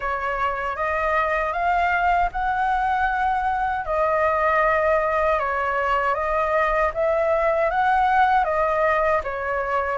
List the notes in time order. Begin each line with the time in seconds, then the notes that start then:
0.00 C#5
0.76 D#5
1.52 F5
2.31 F#5
3.85 D#5
5.38 C#5
6.14 D#5
6.93 E5
7.70 F#5
8.44 D#5
9.23 C#5